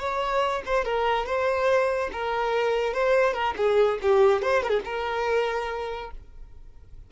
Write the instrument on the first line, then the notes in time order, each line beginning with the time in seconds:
violin
0.00 C#5
0.66 C5
0.85 A#4
1.26 C5
2.13 A#4
2.94 C5
3.34 A#4
3.57 G#4
4.02 G4
4.42 C5
4.63 A#4
4.70 G#4
4.85 A#4